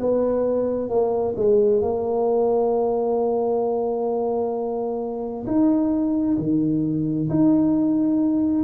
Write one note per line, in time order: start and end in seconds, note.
0.00 0.89 B3
0.89 1.35 A#3
1.36 1.82 G#3
1.82 5.46 A#3
5.47 6.38 D#4
6.38 7.29 D#3
7.30 8.64 D#4